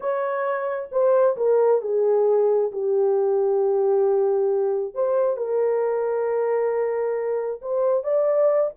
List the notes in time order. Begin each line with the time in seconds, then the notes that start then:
0.00 C#5
0.91 C5
1.37 A#4
1.81 G#4
2.72 G4
4.94 C5
5.36 A#4
7.61 C5
8.03 D5